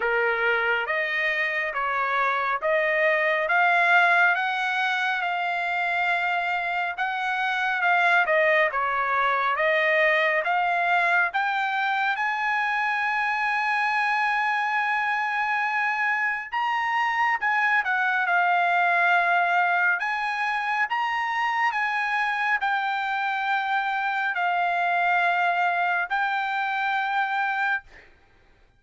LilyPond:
\new Staff \with { instrumentName = "trumpet" } { \time 4/4 \tempo 4 = 69 ais'4 dis''4 cis''4 dis''4 | f''4 fis''4 f''2 | fis''4 f''8 dis''8 cis''4 dis''4 | f''4 g''4 gis''2~ |
gis''2. ais''4 | gis''8 fis''8 f''2 gis''4 | ais''4 gis''4 g''2 | f''2 g''2 | }